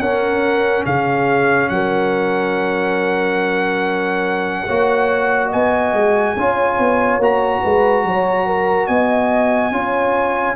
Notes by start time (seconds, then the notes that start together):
0.00 C#4 A#4 F#5
0.86 C#3 G#4 F5
1.69 F#3 A#4 F#5
4.66 A#3 F#4 C#5
5.48 B3 D#5 G#5
5.94 G#3
6.36 C#4 F4 C#5
6.79 B3
7.19 A#3 F#4 A#5
7.62 G#3 B4
8.04 F#3 C#5
8.46 A#4
8.87 B3 D#5 G#5
9.72 C#4 F4 C#5